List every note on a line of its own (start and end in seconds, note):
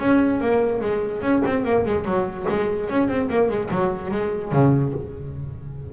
0.00 0.41 C#4
0.41 0.81 A#3
0.81 1.22 G#3
1.22 1.43 C#4
1.46 1.65 C4
1.65 1.85 A#3
1.86 2.05 G#3
2.05 2.46 F#3
2.49 2.90 G#3
2.90 3.09 C#4
3.09 3.29 C4
3.30 3.49 A#3
3.49 3.70 G#3
3.71 4.12 F#3
4.12 4.52 G#3
4.52 4.93 C#3